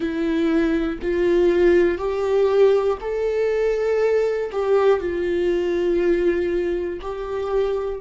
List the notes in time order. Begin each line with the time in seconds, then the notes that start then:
0.00 E4
1.01 F4
1.98 G4
3.00 A4
4.51 G4
5.00 F4
7.00 G4